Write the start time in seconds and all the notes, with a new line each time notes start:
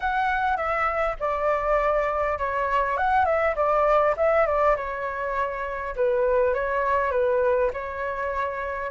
0.00 F#5
0.56 E5
1.19 D5
2.38 C#5
2.97 F#5
3.25 E5
3.55 D5
4.16 E5
4.46 D5
4.76 C#5
5.96 B4
6.53 C#5
7.11 B4
7.73 C#5